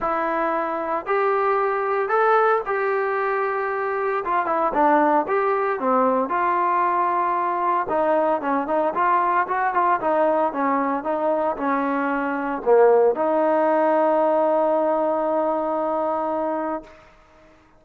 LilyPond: \new Staff \with { instrumentName = "trombone" } { \time 4/4 \tempo 4 = 114 e'2 g'2 | a'4 g'2. | f'8 e'8 d'4 g'4 c'4 | f'2. dis'4 |
cis'8 dis'8 f'4 fis'8 f'8 dis'4 | cis'4 dis'4 cis'2 | ais4 dis'2.~ | dis'1 | }